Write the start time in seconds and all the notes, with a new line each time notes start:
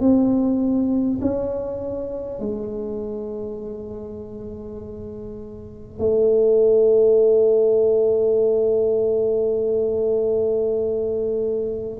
0.00 C4
1.21 C#4
2.39 G#3
5.98 A3